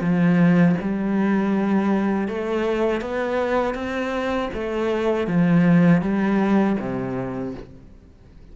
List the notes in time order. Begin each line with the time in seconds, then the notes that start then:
0.00 F3
0.81 G3
2.28 A3
3.01 B3
3.74 C4
4.53 A3
5.27 F3
6.01 G3
6.79 C3